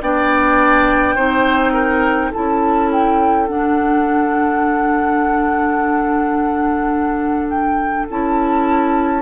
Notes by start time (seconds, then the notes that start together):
0.00 B3 D4 D5 G5
1.15 C4 D#4 C5
1.73 A#4
2.31 E4 A4 A5
2.37 C#4
2.92 G5
3.47 D4 F#5
7.48 G5
8.09 C#4 E4 A5